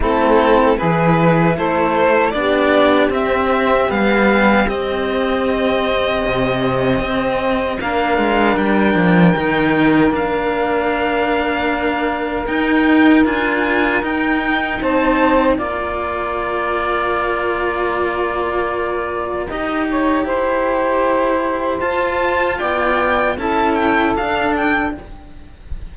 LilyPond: <<
  \new Staff \with { instrumentName = "violin" } { \time 4/4 \tempo 4 = 77 a'4 b'4 c''4 d''4 | e''4 f''4 dis''2~ | dis''2 f''4 g''4~ | g''4 f''2. |
g''4 gis''4 g''4 a''4 | ais''1~ | ais''1 | a''4 g''4 a''8 g''8 f''8 g''8 | }
  \new Staff \with { instrumentName = "saxophone" } { \time 4/4 e'4 gis'4 a'4 g'4~ | g'1~ | g'2 ais'2~ | ais'1~ |
ais'2. c''4 | d''1~ | d''4 dis''8 cis''8 c''2~ | c''4 d''4 a'2 | }
  \new Staff \with { instrumentName = "cello" } { \time 4/4 c'4 e'2 d'4 | c'4 b4 c'2~ | c'2 d'2 | dis'4 d'2. |
dis'4 f'4 dis'2 | f'1~ | f'4 g'2. | f'2 e'4 d'4 | }
  \new Staff \with { instrumentName = "cello" } { \time 4/4 a4 e4 a4 b4 | c'4 g4 c'2 | c4 c'4 ais8 gis8 g8 f8 | dis4 ais2. |
dis'4 d'4 dis'4 c'4 | ais1~ | ais4 dis'4 e'2 | f'4 b4 cis'4 d'4 | }
>>